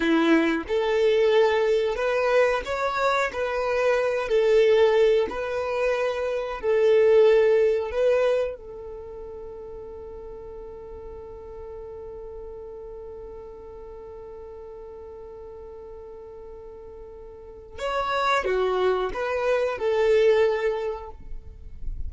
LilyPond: \new Staff \with { instrumentName = "violin" } { \time 4/4 \tempo 4 = 91 e'4 a'2 b'4 | cis''4 b'4. a'4. | b'2 a'2 | b'4 a'2.~ |
a'1~ | a'1~ | a'2. cis''4 | fis'4 b'4 a'2 | }